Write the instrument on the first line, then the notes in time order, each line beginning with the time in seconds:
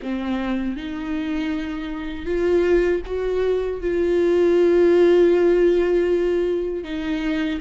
viola
0.02 C4
0.76 D#4
2.25 F4
3.06 F#4
3.81 F4
6.84 D#4